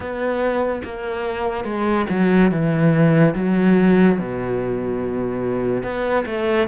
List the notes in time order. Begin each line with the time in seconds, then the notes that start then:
0.00 B3
0.84 A#3
1.64 G#3
2.09 F#3
2.51 E3
3.34 F#3
4.19 B2
5.83 B3
6.26 A3